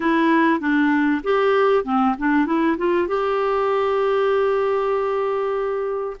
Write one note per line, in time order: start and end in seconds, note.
0.00 0.60 E4
0.60 1.21 D4
1.23 1.84 G4
1.84 2.15 C4
2.18 2.46 D4
2.46 2.77 E4
2.77 3.07 F4
3.07 6.17 G4